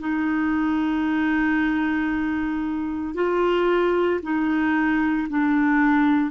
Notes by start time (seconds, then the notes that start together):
0.00 D#4
3.15 F4
4.23 D#4
5.30 D4